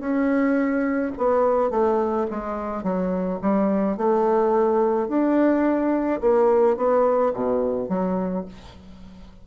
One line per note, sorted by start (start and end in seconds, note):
0.00 1.12 C#4
1.18 1.71 B3
1.71 2.27 A3
2.31 2.83 G#3
2.83 3.39 F#3
3.42 3.98 G3
3.98 5.08 A3
5.08 6.21 D4
6.21 6.77 A#3
6.77 7.33 B3
7.34 7.89 B2
7.89 8.45 F#3